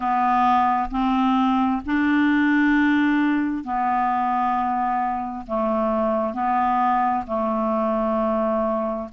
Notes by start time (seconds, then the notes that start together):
0.00 B3
0.90 C4
1.85 D4
3.64 B3
5.46 A3
6.33 B3
7.26 A3